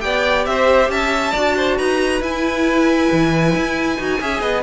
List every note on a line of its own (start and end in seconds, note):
0.00 0.47 B3
0.00 1.32 G4
0.00 0.48 D5
0.00 0.45 G5
0.46 0.89 C4
0.46 0.92 C5
0.46 0.90 E5
0.89 1.33 C#4
0.89 1.32 E5
0.89 1.78 A5
1.32 1.80 D4
1.32 2.22 F#4
1.32 1.54 D5
1.57 1.77 C5
1.77 2.21 D#4
1.77 4.20 B4
1.77 2.22 A#5
2.21 3.09 E4
2.21 3.98 E4
2.21 4.63 G#5
3.12 3.56 E3
3.56 3.99 E4
3.98 4.21 D#4
3.98 4.20 F#4
4.21 4.41 C#4
4.21 4.63 G#4
4.21 4.41 E5
4.41 4.63 B3
4.41 4.63 D#5